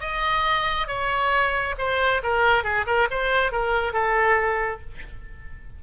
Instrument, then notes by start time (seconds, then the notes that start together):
oboe
0.00 D#5
0.87 C#5
1.78 C5
2.23 A#4
2.64 G#4
2.86 A#4
3.11 C5
3.52 A#4
3.93 A4